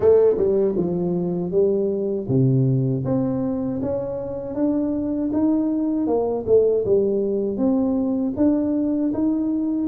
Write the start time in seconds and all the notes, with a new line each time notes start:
0.00 A3
0.37 G3
0.76 F3
1.51 G3
2.28 C3
3.04 C4
3.81 C#4
4.54 D4
5.33 D#4
6.06 A#3
6.46 A3
6.85 G3
7.57 C4
8.36 D4
9.13 D#4